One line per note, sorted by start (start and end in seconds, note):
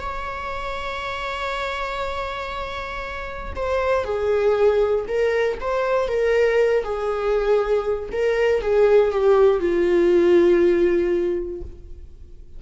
0.00 3.53 C#5
3.55 4.05 C5
4.05 5.05 G#4
5.08 5.59 A#4
5.60 6.08 C5
6.08 6.83 A#4
6.84 8.10 G#4
8.12 8.62 A#4
8.62 9.11 G#4
9.11 9.60 G4
9.60 11.61 F4